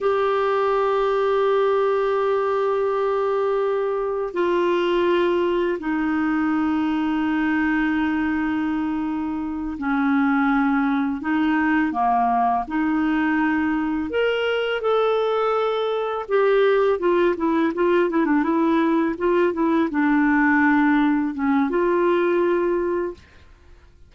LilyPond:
\new Staff \with { instrumentName = "clarinet" } { \time 4/4 \tempo 4 = 83 g'1~ | g'2 f'2 | dis'1~ | dis'4. cis'2 dis'8~ |
dis'8 ais4 dis'2 ais'8~ | ais'8 a'2 g'4 f'8 | e'8 f'8 e'16 d'16 e'4 f'8 e'8 d'8~ | d'4. cis'8 f'2 | }